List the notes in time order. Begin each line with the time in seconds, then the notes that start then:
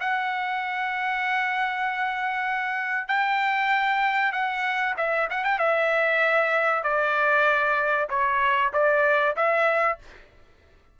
0.00 F#5
3.08 G5
4.32 F#5
4.97 E5
5.30 F#5
5.44 G5
5.59 E5
6.83 D5
8.09 C#5
8.73 D5
9.36 E5